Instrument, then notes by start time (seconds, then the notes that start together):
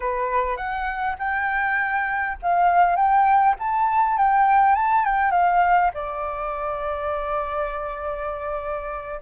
flute
0.00 B4
0.56 F#5
1.19 G5
2.42 F5
2.95 G5
3.59 A5
4.17 G5
4.75 A5
5.04 G5
5.31 F5
5.94 D5